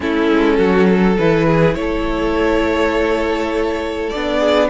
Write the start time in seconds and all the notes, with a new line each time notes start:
0.00 A3 C#4 E4 A4
0.30 G#3
0.57 F#3 F#4
0.88 A4
1.17 E3 E4 B4
1.46 G#4
1.74 A3 C#5
1.80 A4
4.09 D4 D5
4.15 B3
4.38 G#4